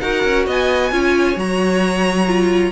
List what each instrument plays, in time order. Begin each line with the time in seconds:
0.00 cello D#4, viola F#4, violin A#4 F#5
0.24 cello C#4
0.46 cello B3, violin D#5 G#5
0.91 cello C#4, viola F4, violin C#5
1.35 cello F#3, viola F#4, violin A#5
2.28 viola F4